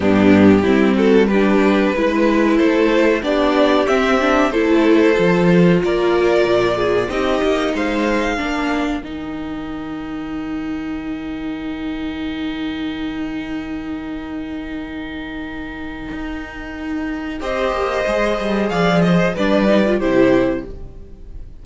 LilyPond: <<
  \new Staff \with { instrumentName = "violin" } { \time 4/4 \tempo 4 = 93 g'4. a'8 b'2 | c''4 d''4 e''4 c''4~ | c''4 d''2 dis''4 | f''2 g''2~ |
g''1~ | g''1~ | g''2. dis''4~ | dis''4 f''8 dis''8 d''4 c''4 | }
  \new Staff \with { instrumentName = "violin" } { \time 4/4 d'4 e'8 fis'8 g'4 b'4 | a'4 g'2 a'4~ | a'4 ais'4. gis'8 g'4 | c''4 ais'2.~ |
ais'1~ | ais'1~ | ais'2. c''4~ | c''4 d''8 c''8 b'4 g'4 | }
  \new Staff \with { instrumentName = "viola" } { \time 4/4 b4 c'4 d'4 e'4~ | e'4 d'4 c'8 d'8 e'4 | f'2. dis'4~ | dis'4 d'4 dis'2~ |
dis'1~ | dis'1~ | dis'2. g'4 | gis'2 d'8 dis'16 f'16 e'4 | }
  \new Staff \with { instrumentName = "cello" } { \time 4/4 g,4 g2 gis4 | a4 b4 c'4 a4 | f4 ais4 ais,4 c'8 ais8 | gis4 ais4 dis2~ |
dis1~ | dis1~ | dis4 dis'2 c'8 ais8 | gis8 g8 f4 g4 c4 | }
>>